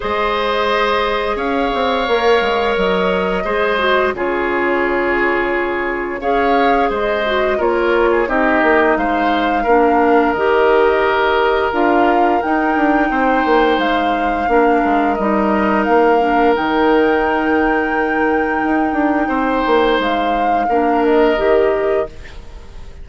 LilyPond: <<
  \new Staff \with { instrumentName = "flute" } { \time 4/4 \tempo 4 = 87 dis''2 f''2 | dis''2 cis''2~ | cis''4 f''4 dis''4 cis''4 | dis''4 f''2 dis''4~ |
dis''4 f''4 g''2 | f''2 dis''4 f''4 | g''1~ | g''4 f''4. dis''4. | }
  \new Staff \with { instrumentName = "oboe" } { \time 4/4 c''2 cis''2~ | cis''4 c''4 gis'2~ | gis'4 cis''4 c''4 ais'8. gis'16 | g'4 c''4 ais'2~ |
ais'2. c''4~ | c''4 ais'2.~ | ais'1 | c''2 ais'2 | }
  \new Staff \with { instrumentName = "clarinet" } { \time 4/4 gis'2. ais'4~ | ais'4 gis'8 fis'8 f'2~ | f'4 gis'4. fis'8 f'4 | dis'2 d'4 g'4~ |
g'4 f'4 dis'2~ | dis'4 d'4 dis'4. d'8 | dis'1~ | dis'2 d'4 g'4 | }
  \new Staff \with { instrumentName = "bassoon" } { \time 4/4 gis2 cis'8 c'8 ais8 gis8 | fis4 gis4 cis2~ | cis4 cis'4 gis4 ais4 | c'8 ais8 gis4 ais4 dis4~ |
dis4 d'4 dis'8 d'8 c'8 ais8 | gis4 ais8 gis8 g4 ais4 | dis2. dis'8 d'8 | c'8 ais8 gis4 ais4 dis4 | }
>>